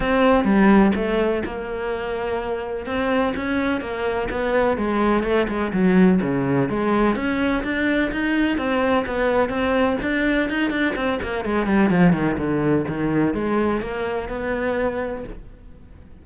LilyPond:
\new Staff \with { instrumentName = "cello" } { \time 4/4 \tempo 4 = 126 c'4 g4 a4 ais4~ | ais2 c'4 cis'4 | ais4 b4 gis4 a8 gis8 | fis4 cis4 gis4 cis'4 |
d'4 dis'4 c'4 b4 | c'4 d'4 dis'8 d'8 c'8 ais8 | gis8 g8 f8 dis8 d4 dis4 | gis4 ais4 b2 | }